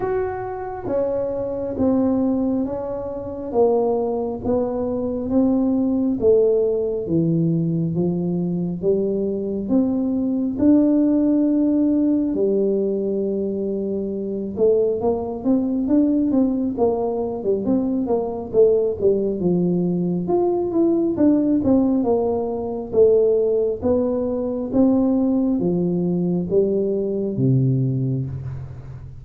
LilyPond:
\new Staff \with { instrumentName = "tuba" } { \time 4/4 \tempo 4 = 68 fis'4 cis'4 c'4 cis'4 | ais4 b4 c'4 a4 | e4 f4 g4 c'4 | d'2 g2~ |
g8 a8 ais8 c'8 d'8 c'8 ais8. g16 | c'8 ais8 a8 g8 f4 f'8 e'8 | d'8 c'8 ais4 a4 b4 | c'4 f4 g4 c4 | }